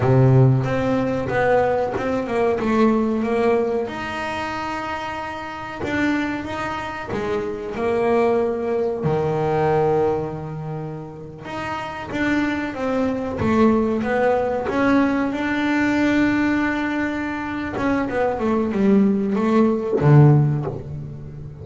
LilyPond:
\new Staff \with { instrumentName = "double bass" } { \time 4/4 \tempo 4 = 93 c4 c'4 b4 c'8 ais8 | a4 ais4 dis'2~ | dis'4 d'4 dis'4 gis4 | ais2 dis2~ |
dis4.~ dis16 dis'4 d'4 c'16~ | c'8. a4 b4 cis'4 d'16~ | d'2.~ d'8 cis'8 | b8 a8 g4 a4 d4 | }